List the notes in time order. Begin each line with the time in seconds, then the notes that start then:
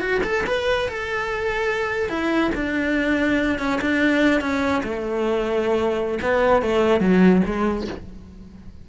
0.00 F#4
0.23 A4
0.47 B4
0.88 A4
2.09 E4
2.55 D4
3.58 C#4
3.81 D4
4.40 C#4
4.83 A3
6.22 B3
6.62 A3
7.00 F#3
7.45 G#3